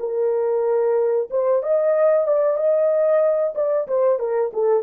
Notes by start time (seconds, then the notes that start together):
0.00 A#4
1.31 C5
1.63 D#5
2.27 D5
2.57 D#5
3.55 D5
3.88 C5
4.19 A#4
4.54 A4